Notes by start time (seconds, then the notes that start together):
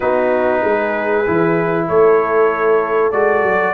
0.00 B3 D#4 F#4 B4
0.61 G#3 G#4
1.26 E3 E4
1.88 A3 A4 C#5
3.11 G#3 F#4 D5
3.43 F#3